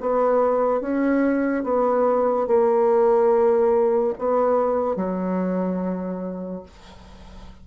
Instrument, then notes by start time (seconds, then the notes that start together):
bassoon
0.00 B3
0.81 C#4
1.63 B3
2.47 A#3
4.18 B3
4.96 F#3